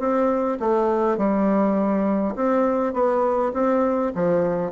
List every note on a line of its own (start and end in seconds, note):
0.00 0.59 C4
0.60 1.18 A3
1.18 2.36 G3
2.36 2.94 C4
2.94 3.53 B3
3.54 4.13 C4
4.16 4.72 F3